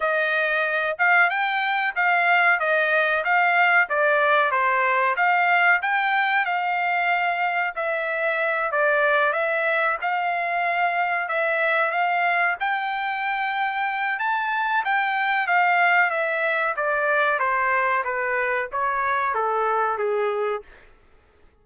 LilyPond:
\new Staff \with { instrumentName = "trumpet" } { \time 4/4 \tempo 4 = 93 dis''4. f''8 g''4 f''4 | dis''4 f''4 d''4 c''4 | f''4 g''4 f''2 | e''4. d''4 e''4 f''8~ |
f''4. e''4 f''4 g''8~ | g''2 a''4 g''4 | f''4 e''4 d''4 c''4 | b'4 cis''4 a'4 gis'4 | }